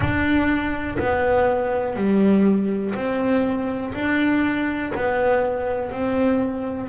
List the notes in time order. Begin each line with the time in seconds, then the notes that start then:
0.00 D4
0.98 B3
1.96 G3
2.94 C4
3.93 D4
4.94 B3
5.91 C4